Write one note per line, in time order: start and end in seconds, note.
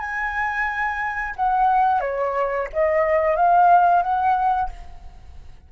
0.00 1.35 G#5
1.36 2.01 F#5
2.01 2.68 C#5
2.73 3.36 D#5
3.36 4.03 F5
4.03 4.70 F#5